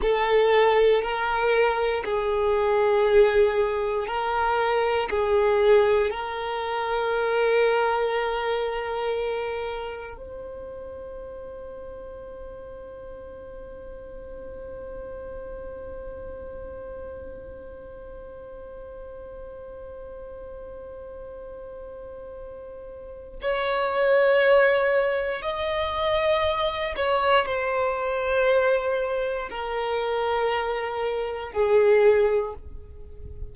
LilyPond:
\new Staff \with { instrumentName = "violin" } { \time 4/4 \tempo 4 = 59 a'4 ais'4 gis'2 | ais'4 gis'4 ais'2~ | ais'2 c''2~ | c''1~ |
c''1~ | c''2. cis''4~ | cis''4 dis''4. cis''8 c''4~ | c''4 ais'2 gis'4 | }